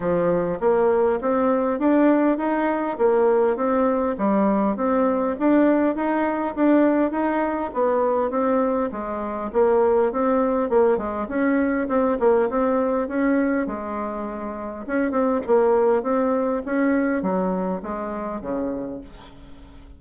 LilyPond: \new Staff \with { instrumentName = "bassoon" } { \time 4/4 \tempo 4 = 101 f4 ais4 c'4 d'4 | dis'4 ais4 c'4 g4 | c'4 d'4 dis'4 d'4 | dis'4 b4 c'4 gis4 |
ais4 c'4 ais8 gis8 cis'4 | c'8 ais8 c'4 cis'4 gis4~ | gis4 cis'8 c'8 ais4 c'4 | cis'4 fis4 gis4 cis4 | }